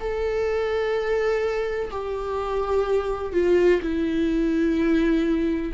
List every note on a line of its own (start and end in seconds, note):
0.00 1.90 A4
1.91 3.33 G4
3.33 3.81 F4
3.82 5.72 E4